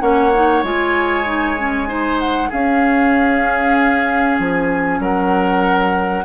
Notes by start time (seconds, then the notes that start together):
0.00 A#3 C#4 C#5 F#5
0.34 D#4
0.63 G#3 F4 G#5
1.25 D#4
1.58 C#4
1.87 D#4 C5
2.19 F#5
2.49 C#4 G#4 F5
4.38 F3 G#5
4.99 F#3 A#4 F#5